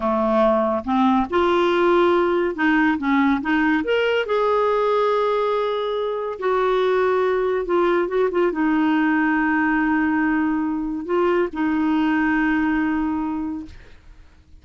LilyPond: \new Staff \with { instrumentName = "clarinet" } { \time 4/4 \tempo 4 = 141 a2 c'4 f'4~ | f'2 dis'4 cis'4 | dis'4 ais'4 gis'2~ | gis'2. fis'4~ |
fis'2 f'4 fis'8 f'8 | dis'1~ | dis'2 f'4 dis'4~ | dis'1 | }